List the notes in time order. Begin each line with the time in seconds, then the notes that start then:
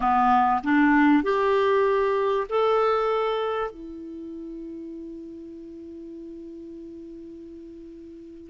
0.00 B3
0.63 D4
1.23 G4
2.49 A4
3.70 E4